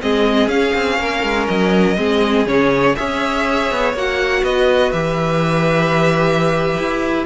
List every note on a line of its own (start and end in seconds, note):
0.00 0.47 G#3
0.00 0.49 C4
0.00 0.98 G#4
0.00 0.49 D#5
0.47 0.72 C#4
0.47 1.96 C#4
0.47 1.47 F5
0.74 0.99 C4
0.98 1.23 A#3
0.98 1.97 A#4
1.23 1.47 G#3
1.48 1.97 F#3
1.48 2.46 D#5
1.96 2.46 G#3
1.96 2.46 C4
1.96 2.97 G#4
2.46 2.95 C#3
2.46 2.95 C#4
2.46 2.95 C#5
2.95 3.71 C#4
2.95 3.94 G#4
2.95 4.43 C#5
2.95 3.93 E5
3.71 3.93 B3
3.93 4.43 A#3
3.93 4.93 F#4
3.93 4.44 F#5
4.43 4.92 B3
4.43 7.26 B4
4.43 4.92 D#5
4.92 6.77 E3
4.92 7.26 G4
4.92 7.26 E5
6.78 7.26 E4